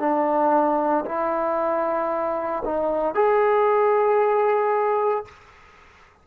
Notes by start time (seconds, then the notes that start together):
0.00 D4
1.06 E4
2.66 D#4
3.15 G#4